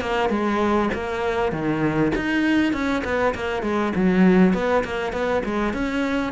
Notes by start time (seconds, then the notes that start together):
0.00 A#3
0.29 G#3
0.93 A#3
1.52 D#3
2.15 D#4
2.72 C#4
3.04 B3
3.34 A#3
3.62 G#3
3.95 F#3
4.53 B3
4.84 A#3
5.12 B3
5.45 G#3
5.73 C#4